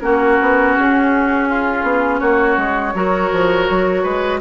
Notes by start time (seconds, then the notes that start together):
0.00 A#3 C#4 F#4 A#4
0.41 B3
0.76 C#4 G#4
1.48 F4
1.83 B3
2.19 A#3 F#4 C#5
2.57 G#3
2.94 F#3 F#4 A#4
3.32 F3
3.69 F#3
4.03 G#3 B4